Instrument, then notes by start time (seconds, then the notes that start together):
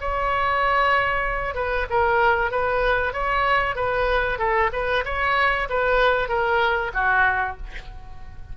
oboe
0.00 C#5
1.54 B4
1.89 A#4
2.51 B4
3.13 C#5
3.75 B4
4.38 A4
4.72 B4
5.05 C#5
5.69 B4
6.28 A#4
6.94 F#4